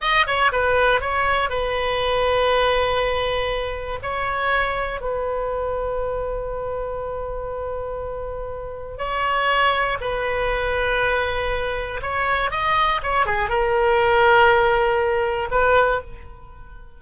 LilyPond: \new Staff \with { instrumentName = "oboe" } { \time 4/4 \tempo 4 = 120 dis''8 cis''8 b'4 cis''4 b'4~ | b'1 | cis''2 b'2~ | b'1~ |
b'2 cis''2 | b'1 | cis''4 dis''4 cis''8 gis'8 ais'4~ | ais'2. b'4 | }